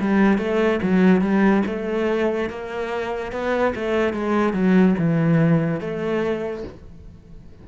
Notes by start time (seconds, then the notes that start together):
0.00 G3
0.37 A3
0.82 F#3
1.21 G3
1.66 A3
2.49 A#3
3.32 B3
3.75 A3
4.13 G#3
4.53 F#3
4.98 E3
5.80 A3